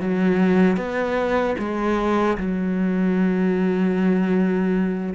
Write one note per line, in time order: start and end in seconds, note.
0.00 0.77 F#3
0.77 1.56 B3
1.58 2.37 G#3
2.38 5.14 F#3